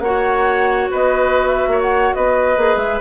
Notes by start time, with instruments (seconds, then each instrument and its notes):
0.00 bassoon A#3, clarinet F#4, oboe C#5, flute F#5
0.91 bassoon B3, oboe B4, flute D#5
1.48 flute E5
1.67 bassoon A#3, oboe C#5
1.82 flute F#5
2.14 bassoon B3, oboe B4, flute D#5
2.57 bassoon A#3, clarinet G#4
2.77 bassoon G#3, flute E5